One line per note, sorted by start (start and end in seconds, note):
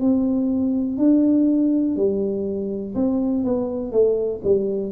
0.00 0.97 C4
0.97 1.96 D4
1.96 2.94 G3
2.95 3.44 C4
3.44 3.91 B3
3.91 4.40 A3
4.44 4.91 G3